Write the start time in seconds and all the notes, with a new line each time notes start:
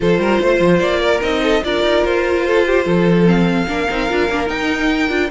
0.00 F3 F4 A4 C5
0.18 G3 A#4
0.40 A3 C5
0.60 F3
0.79 A#3 D5
0.99 A#4
1.21 C4 D#4 D#5
1.43 A4
1.64 D4 F4 A#4 D5
1.82 D#4
2.04 F4 C5
2.47 A4
2.66 G4
2.85 F3 A4
3.25 C4 F5
3.67 A#3 D4 A#4
3.90 C4 D#4
4.09 D4 F4
4.29 A#3 D4
4.46 D#4 G5
5.08 D4 F4